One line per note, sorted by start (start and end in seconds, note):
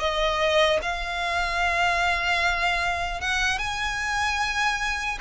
0.00 0.80 D#5
0.83 3.21 F5
3.21 3.59 F#5
3.59 5.19 G#5